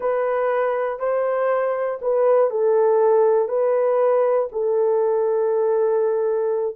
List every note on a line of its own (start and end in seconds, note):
0.00 0.99 B4
0.99 1.99 C5
2.01 2.50 B4
2.50 3.48 A4
3.48 4.48 B4
4.52 6.75 A4